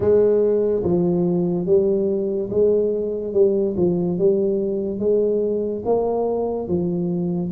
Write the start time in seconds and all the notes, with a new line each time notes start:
0.00 G#3
0.83 F3
1.66 G3
2.50 G#3
3.33 G3
3.76 F3
4.18 G3
4.99 G#3
5.85 A#3
6.67 F3